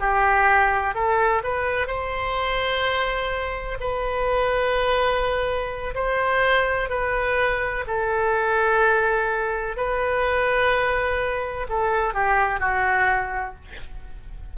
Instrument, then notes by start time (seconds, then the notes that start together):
oboe
0.00 G4
0.95 A4
1.44 B4
1.87 C5
3.80 B4
5.95 C5
6.90 B4
7.87 A4
9.77 B4
11.69 A4
12.14 G4
12.60 F#4